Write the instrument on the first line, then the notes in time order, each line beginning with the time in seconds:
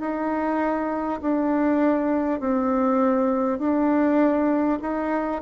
bassoon
0.00 D#4
1.21 D4
2.39 C4
3.58 D4
4.81 D#4